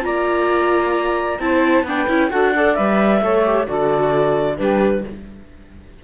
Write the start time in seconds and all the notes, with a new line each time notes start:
0.00 A#3 F4 D5 A#5
1.39 C4 E4 C5 A5
1.83 B3 D4 B4 G5
2.08 C#4 E4
2.30 D4 F#4 A4 F#5
2.55 A4 D5
2.74 G3 B4 E5
3.21 A3 A4 C#5
3.45 G4
3.66 D3 F#4 A4 D5
4.57 G3 D4 G4 B4